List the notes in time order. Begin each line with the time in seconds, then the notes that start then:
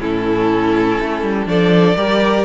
0.00 A2 C#4 E4 A4
1.00 A3
1.23 G3
1.46 F3 D4 A4 D5
1.97 G3 G4 A#4